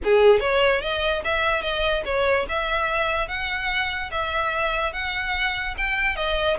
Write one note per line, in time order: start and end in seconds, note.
0.04 0.40 G#4
0.40 0.81 C#5
0.81 1.22 D#5
1.24 1.62 E5
1.62 2.03 D#5
2.05 2.46 C#5
2.48 3.28 E5
3.28 4.10 F#5
4.11 4.92 E5
4.92 5.75 F#5
5.77 6.16 G5
6.16 6.57 D#5